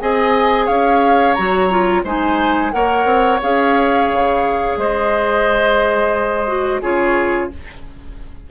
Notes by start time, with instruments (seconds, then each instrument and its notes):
0.00 bassoon C4, clarinet G#4, oboe D#5, flute G#5
0.66 bassoon C#4, oboe C#5, flute F5
1.34 bassoon F#3, clarinet F#4, flute A#5
1.70 clarinet F4
2.04 bassoon G#3, clarinet D#4, oboe C5, flute G#5
2.72 bassoon A#3, clarinet A#4, oboe C#5, flute F#5
3.05 bassoon C4
3.42 bassoon C#4, clarinet G#4, flute F5
4.13 bassoon C#3
4.77 bassoon G#3, oboe C5, flute D#5
6.47 clarinet F#4
6.82 bassoon C#3, clarinet F4, oboe G#4, flute C#5